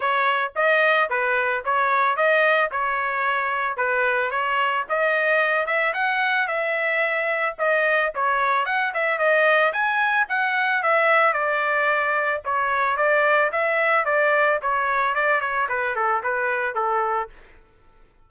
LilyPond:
\new Staff \with { instrumentName = "trumpet" } { \time 4/4 \tempo 4 = 111 cis''4 dis''4 b'4 cis''4 | dis''4 cis''2 b'4 | cis''4 dis''4. e''8 fis''4 | e''2 dis''4 cis''4 |
fis''8 e''8 dis''4 gis''4 fis''4 | e''4 d''2 cis''4 | d''4 e''4 d''4 cis''4 | d''8 cis''8 b'8 a'8 b'4 a'4 | }